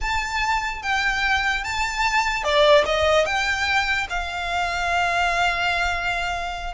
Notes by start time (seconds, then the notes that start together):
0.01 A5
0.82 G5
1.64 A5
2.43 D5
2.85 D#5
3.25 G5
4.09 F5